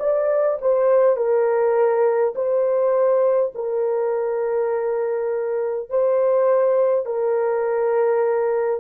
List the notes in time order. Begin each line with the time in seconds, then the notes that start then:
0.00 D5
0.62 C5
1.17 A#4
2.36 C5
3.56 A#4
5.90 C5
7.06 A#4